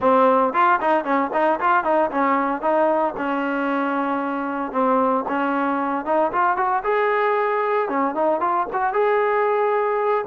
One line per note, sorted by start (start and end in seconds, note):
0.00 0.53 C4
0.53 0.79 F4
0.80 1.04 D#4
1.04 1.30 C#4
1.33 1.59 D#4
1.60 1.84 F4
1.84 2.10 D#4
2.11 2.61 C#4
2.61 3.14 D#4
3.17 4.72 C#4
4.72 5.24 C4
5.28 6.05 C#4
6.05 6.31 D#4
6.32 6.56 F4
6.56 6.83 F#4
6.83 7.88 G#4
7.89 8.14 C#4
8.14 8.40 D#4
8.40 8.66 F4
8.72 8.93 F#4
8.93 10.24 G#4